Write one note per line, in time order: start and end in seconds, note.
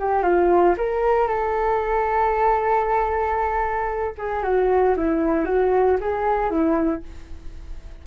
0.00 0.23 G4
0.23 0.75 F4
0.78 1.28 A#4
1.28 4.15 A4
4.18 4.43 G#4
4.43 4.95 F#4
4.97 5.45 E4
5.45 5.98 F#4
6.01 6.51 G#4
6.51 7.03 E4